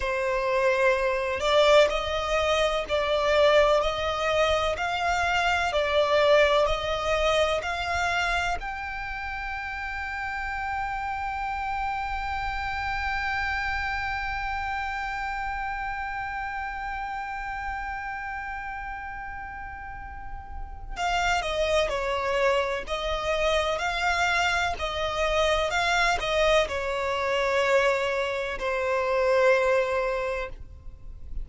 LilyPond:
\new Staff \with { instrumentName = "violin" } { \time 4/4 \tempo 4 = 63 c''4. d''8 dis''4 d''4 | dis''4 f''4 d''4 dis''4 | f''4 g''2.~ | g''1~ |
g''1~ | g''2 f''8 dis''8 cis''4 | dis''4 f''4 dis''4 f''8 dis''8 | cis''2 c''2 | }